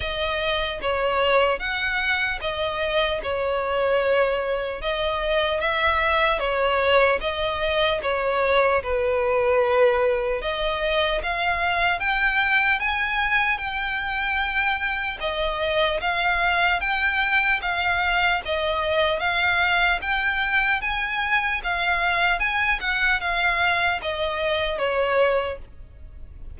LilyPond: \new Staff \with { instrumentName = "violin" } { \time 4/4 \tempo 4 = 75 dis''4 cis''4 fis''4 dis''4 | cis''2 dis''4 e''4 | cis''4 dis''4 cis''4 b'4~ | b'4 dis''4 f''4 g''4 |
gis''4 g''2 dis''4 | f''4 g''4 f''4 dis''4 | f''4 g''4 gis''4 f''4 | gis''8 fis''8 f''4 dis''4 cis''4 | }